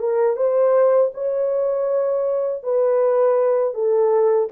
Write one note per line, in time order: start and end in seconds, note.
0.00 0.37 A#4
0.37 1.12 C5
1.14 2.64 C#5
2.64 3.74 B4
3.74 4.49 A4